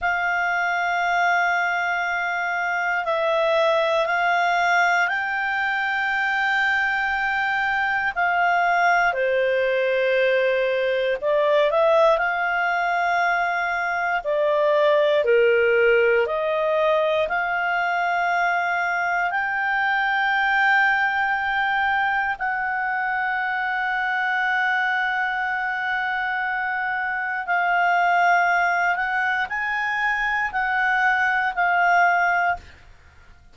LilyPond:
\new Staff \with { instrumentName = "clarinet" } { \time 4/4 \tempo 4 = 59 f''2. e''4 | f''4 g''2. | f''4 c''2 d''8 e''8 | f''2 d''4 ais'4 |
dis''4 f''2 g''4~ | g''2 fis''2~ | fis''2. f''4~ | f''8 fis''8 gis''4 fis''4 f''4 | }